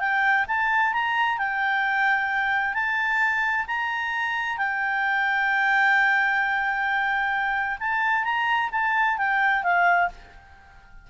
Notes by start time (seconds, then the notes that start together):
0.00 G5
0.48 A5
0.93 A#5
1.38 G5
2.74 A5
3.67 A#5
4.58 G5
7.80 A5
8.24 A#5
8.72 A5
9.18 G5
9.63 F5